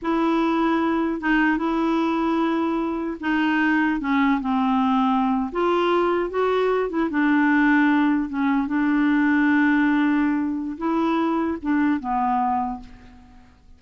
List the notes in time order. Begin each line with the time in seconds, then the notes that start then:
0.02 E4
1.21 D#4
1.57 E4
3.20 D#4
4.00 C#4
4.40 C4
5.52 F4
6.30 F#4
6.89 E4
7.09 D4
8.29 C#4
8.67 D4
10.77 E4
11.62 D4
12.00 B3